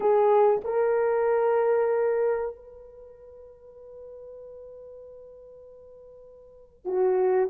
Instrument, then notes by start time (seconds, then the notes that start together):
horn
0.00 G#4
0.64 A#4
2.55 B4
6.85 F#4